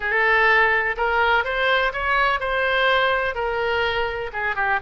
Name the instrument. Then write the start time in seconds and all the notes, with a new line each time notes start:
oboe
0.00 A4
0.96 A#4
1.44 C5
1.92 C#5
2.40 C5
3.34 A#4
4.32 G#4
4.55 G4